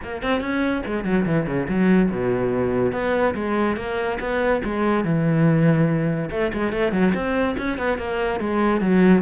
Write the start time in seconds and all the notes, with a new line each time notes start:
0.03 A#3
0.22 C4
0.40 C#4
0.86 G#3
1.04 F#3
1.25 E3
1.46 C#3
1.68 F#3
2.11 B2
2.92 B3
3.35 G#3
3.76 A#3
4.20 B3
4.64 G#3
5.04 E3
6.31 A3
6.53 G#3
6.72 A3
6.92 F#3
7.14 C4
7.57 C#4
7.78 B3
7.98 A#3
8.40 G#3
8.81 F#3